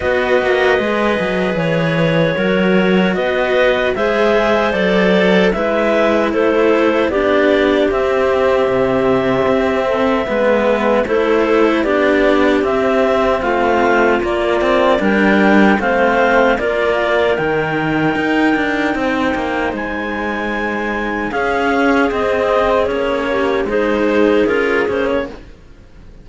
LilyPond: <<
  \new Staff \with { instrumentName = "clarinet" } { \time 4/4 \tempo 4 = 76 dis''2 cis''2 | dis''4 e''4 d''4 e''4 | c''4 d''4 e''2~ | e''2 c''4 d''4 |
e''4 f''4 d''4 g''4 | f''4 d''4 g''2~ | g''4 gis''2 f''4 | dis''4 cis''4 c''4 ais'8 c''16 cis''16 | }
  \new Staff \with { instrumentName = "clarinet" } { \time 4/4 b'2. ais'4 | b'4 c''2 b'4 | a'4 g'2.~ | g'8 a'8 b'4 a'4 g'4~ |
g'4 f'2 ais'4 | c''4 ais'2. | c''2. gis'4~ | gis'4. g'8 gis'2 | }
  \new Staff \with { instrumentName = "cello" } { \time 4/4 fis'4 gis'2 fis'4~ | fis'4 gis'4 a'4 e'4~ | e'4 d'4 c'2~ | c'4 b4 e'4 d'4 |
c'2 ais8 c'8 d'4 | c'4 f'4 dis'2~ | dis'2. cis'4 | c'4 cis'4 dis'4 f'8 cis'8 | }
  \new Staff \with { instrumentName = "cello" } { \time 4/4 b8 ais8 gis8 fis8 e4 fis4 | b4 gis4 fis4 gis4 | a4 b4 c'4 c4 | c'4 gis4 a4 b4 |
c'4 a4 ais4 g4 | a4 ais4 dis4 dis'8 d'8 | c'8 ais8 gis2 cis'4 | c'4 ais4 gis4 cis'8 ais8 | }
>>